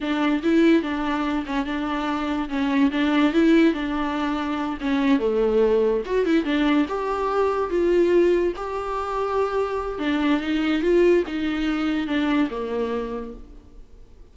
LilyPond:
\new Staff \with { instrumentName = "viola" } { \time 4/4 \tempo 4 = 144 d'4 e'4 d'4. cis'8 | d'2 cis'4 d'4 | e'4 d'2~ d'8 cis'8~ | cis'8 a2 fis'8 e'8 d'8~ |
d'8 g'2 f'4.~ | f'8 g'2.~ g'8 | d'4 dis'4 f'4 dis'4~ | dis'4 d'4 ais2 | }